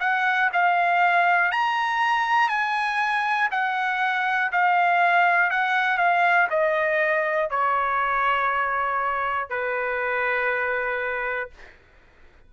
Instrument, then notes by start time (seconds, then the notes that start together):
trumpet
0.00 F#5
0.52 F5
1.51 A#5
2.49 G#5
3.50 F#5
4.52 F5
5.50 F#5
5.97 F5
6.50 D#5
7.50 C#5
9.50 B4